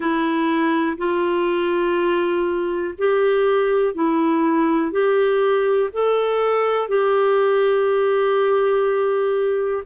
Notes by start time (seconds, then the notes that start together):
0.00 E4
0.97 F4
2.98 G4
3.94 E4
4.91 G4
5.92 A4
6.88 G4